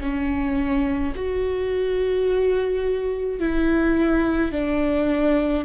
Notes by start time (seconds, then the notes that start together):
0.00 C#4
1.15 F#4
3.39 E4
4.52 D4